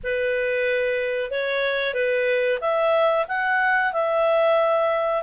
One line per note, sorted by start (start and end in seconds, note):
0.03 1.30 B4
1.30 1.94 C#5
1.94 2.59 B4
2.61 3.26 E5
3.28 3.92 F#5
3.92 5.22 E5